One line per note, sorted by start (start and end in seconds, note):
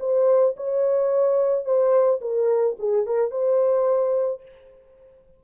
0.00 0.56 C5
0.57 1.65 C#5
1.65 2.20 C5
2.21 2.77 A#4
2.79 3.06 G#4
3.06 3.31 A#4
3.31 4.42 C5